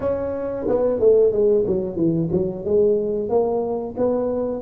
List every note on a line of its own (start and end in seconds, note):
0.00 0.66 C#4
0.67 0.99 B3
0.99 1.32 A3
1.32 1.65 G#3
1.66 1.96 F#3
1.96 2.29 E3
2.31 2.64 F#3
2.65 3.29 G#3
3.29 3.95 A#3
3.97 4.62 B3